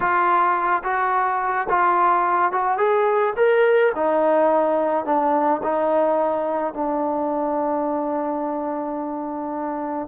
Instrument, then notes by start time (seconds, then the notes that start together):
trombone
0.00 F4
0.83 F#4
1.69 F4
2.51 F#4
2.77 G#4
3.36 A#4
3.95 D#4
5.05 D4
5.63 D#4
6.73 D4